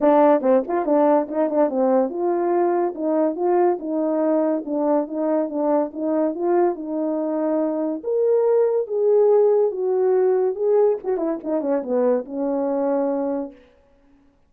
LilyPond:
\new Staff \with { instrumentName = "horn" } { \time 4/4 \tempo 4 = 142 d'4 c'8 f'8 d'4 dis'8 d'8 | c'4 f'2 dis'4 | f'4 dis'2 d'4 | dis'4 d'4 dis'4 f'4 |
dis'2. ais'4~ | ais'4 gis'2 fis'4~ | fis'4 gis'4 fis'8 e'8 dis'8 cis'8 | b4 cis'2. | }